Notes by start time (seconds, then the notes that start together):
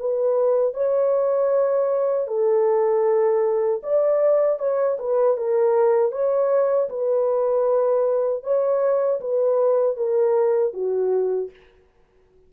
0.00 B4
0.74 C#5
2.28 A4
3.84 D5
4.59 C#5
5.00 B4
5.37 A#4
6.13 C#5
6.90 B4
8.44 C#5
9.21 B4
9.97 A#4
10.74 F#4